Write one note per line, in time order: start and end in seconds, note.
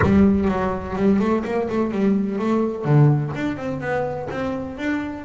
0.02 0.48 G3
0.48 0.95 F#3
0.96 1.19 G3
1.19 1.43 A3
1.44 1.68 A#3
1.69 1.91 A3
1.91 2.38 G3
2.39 2.84 A3
2.84 3.32 D3
3.35 3.56 D4
3.56 3.80 C4
3.80 4.28 B3
4.30 4.77 C4
4.77 5.25 D4